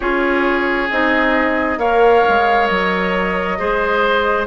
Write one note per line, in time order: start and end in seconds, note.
0.00 0.90 C#4
0.00 0.90 F4
0.00 1.78 G#4
0.00 0.89 C#5
0.90 1.77 C4
0.90 1.79 D#4
0.90 1.78 D#5
1.77 2.22 A#3
1.77 3.58 A#4
1.77 3.58 C#5
1.77 2.67 F5
2.28 2.70 G#3
2.67 3.59 F#3
2.67 4.46 D#5
3.58 4.46 G#3
3.58 4.46 G#4
3.58 4.46 C5